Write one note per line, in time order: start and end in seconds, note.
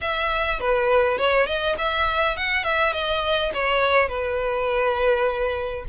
0.01 0.60 E5
0.60 1.18 B4
1.18 1.46 C#5
1.46 1.75 D#5
1.78 2.36 E5
2.36 2.63 F#5
2.63 2.92 E5
2.92 3.51 D#5
3.54 4.08 C#5
4.08 5.84 B4